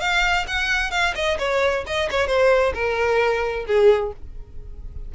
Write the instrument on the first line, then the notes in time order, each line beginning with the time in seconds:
violin
0.00 F5
0.47 F#5
0.91 F5
1.15 D#5
1.39 C#5
1.87 D#5
2.11 C#5
2.27 C5
2.74 A#4
3.66 G#4